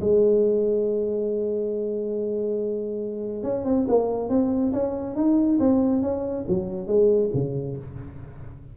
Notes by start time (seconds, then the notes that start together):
0.00 G#3
3.43 C#4
3.65 C4
3.88 A#3
4.29 C4
4.73 C#4
5.15 D#4
5.59 C4
6.02 C#4
6.48 F#3
6.87 G#3
7.34 C#3